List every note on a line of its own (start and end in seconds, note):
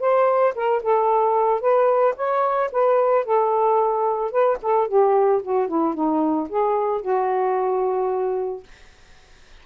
0.00 0.54 C5
0.55 0.82 A#4
0.83 1.61 A4
1.61 2.15 B4
2.16 2.71 C#5
2.72 3.25 B4
3.25 4.31 A4
4.31 4.58 B4
4.62 4.88 A4
4.88 5.42 G4
5.43 5.68 F#4
5.68 5.95 E4
5.95 6.49 D#4
6.49 7.02 G#4
7.02 8.64 F#4